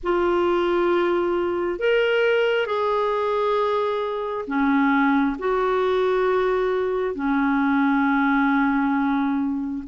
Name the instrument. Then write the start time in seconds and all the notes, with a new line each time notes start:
clarinet
0.03 F4
1.79 A#4
2.66 G#4
4.47 C#4
5.39 F#4
7.14 C#4